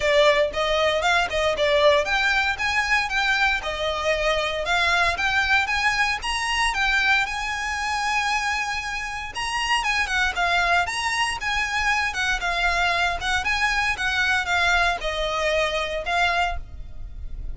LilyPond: \new Staff \with { instrumentName = "violin" } { \time 4/4 \tempo 4 = 116 d''4 dis''4 f''8 dis''8 d''4 | g''4 gis''4 g''4 dis''4~ | dis''4 f''4 g''4 gis''4 | ais''4 g''4 gis''2~ |
gis''2 ais''4 gis''8 fis''8 | f''4 ais''4 gis''4. fis''8 | f''4. fis''8 gis''4 fis''4 | f''4 dis''2 f''4 | }